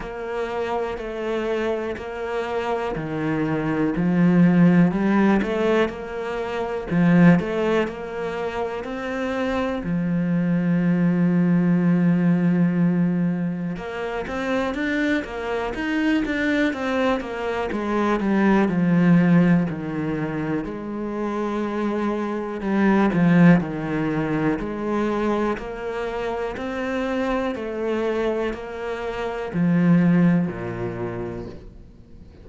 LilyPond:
\new Staff \with { instrumentName = "cello" } { \time 4/4 \tempo 4 = 61 ais4 a4 ais4 dis4 | f4 g8 a8 ais4 f8 a8 | ais4 c'4 f2~ | f2 ais8 c'8 d'8 ais8 |
dis'8 d'8 c'8 ais8 gis8 g8 f4 | dis4 gis2 g8 f8 | dis4 gis4 ais4 c'4 | a4 ais4 f4 ais,4 | }